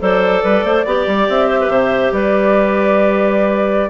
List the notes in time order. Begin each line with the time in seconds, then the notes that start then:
0.00 F#3 A4 C5 D5
0.44 G3 B4
0.64 A3 C5
0.85 B3 G4 D5
1.07 G3
1.29 C4 E5
1.47 C5
1.60 B4
1.68 C3 C5
2.12 G3 B4 D5